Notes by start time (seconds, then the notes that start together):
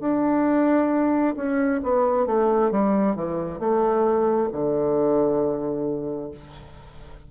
0.00 D4
1.36 C#4
1.83 B3
2.26 A3
2.71 G3
3.15 E3
3.59 A3
4.52 D3